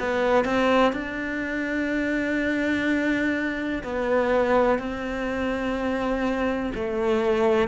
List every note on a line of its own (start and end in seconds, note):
0.00 0.45 B3
0.45 0.93 C4
0.93 3.84 D4
3.84 4.79 B3
4.79 6.73 C4
6.75 7.68 A3